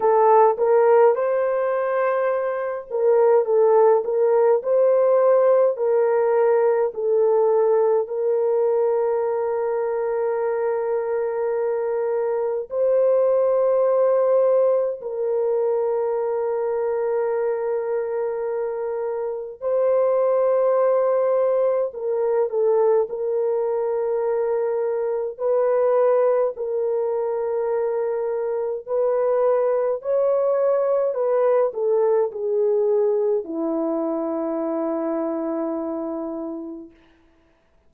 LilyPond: \new Staff \with { instrumentName = "horn" } { \time 4/4 \tempo 4 = 52 a'8 ais'8 c''4. ais'8 a'8 ais'8 | c''4 ais'4 a'4 ais'4~ | ais'2. c''4~ | c''4 ais'2.~ |
ais'4 c''2 ais'8 a'8 | ais'2 b'4 ais'4~ | ais'4 b'4 cis''4 b'8 a'8 | gis'4 e'2. | }